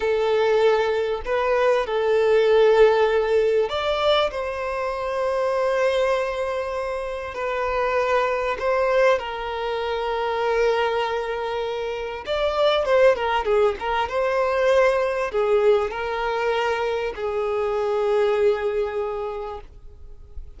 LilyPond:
\new Staff \with { instrumentName = "violin" } { \time 4/4 \tempo 4 = 98 a'2 b'4 a'4~ | a'2 d''4 c''4~ | c''1 | b'2 c''4 ais'4~ |
ais'1 | d''4 c''8 ais'8 gis'8 ais'8 c''4~ | c''4 gis'4 ais'2 | gis'1 | }